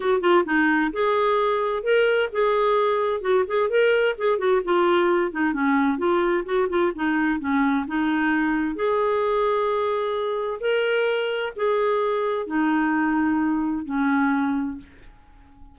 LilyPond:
\new Staff \with { instrumentName = "clarinet" } { \time 4/4 \tempo 4 = 130 fis'8 f'8 dis'4 gis'2 | ais'4 gis'2 fis'8 gis'8 | ais'4 gis'8 fis'8 f'4. dis'8 | cis'4 f'4 fis'8 f'8 dis'4 |
cis'4 dis'2 gis'4~ | gis'2. ais'4~ | ais'4 gis'2 dis'4~ | dis'2 cis'2 | }